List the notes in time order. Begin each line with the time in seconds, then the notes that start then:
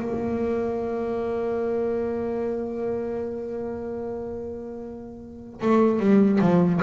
0.00 A#3
5.62 A3
6.00 G3
6.41 F3